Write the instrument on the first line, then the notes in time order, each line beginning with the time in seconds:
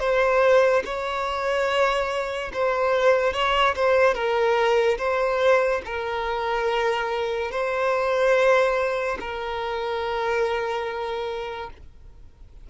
violin
0.00 C5
0.85 C#5
2.54 C5
3.33 C#5
3.76 C5
4.15 A#4
4.98 C5
5.86 A#4
7.52 C5
9.20 A#4